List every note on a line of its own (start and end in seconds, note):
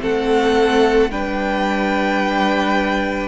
0.00 1.10 A3
0.00 1.09 C4
0.00 1.11 A4
0.00 1.11 F#5
1.11 3.28 G3
1.11 3.28 D4
1.11 3.28 B4
1.11 3.28 G5